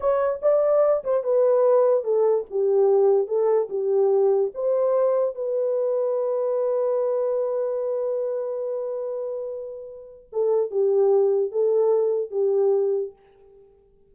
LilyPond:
\new Staff \with { instrumentName = "horn" } { \time 4/4 \tempo 4 = 146 cis''4 d''4. c''8 b'4~ | b'4 a'4 g'2 | a'4 g'2 c''4~ | c''4 b'2.~ |
b'1~ | b'1~ | b'4 a'4 g'2 | a'2 g'2 | }